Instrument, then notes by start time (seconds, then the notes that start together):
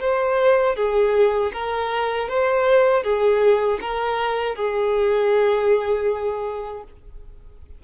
violin
0.00 C5
0.76 G#4
1.53 A#4
2.29 C5
3.03 G#4
3.81 A#4
4.55 G#4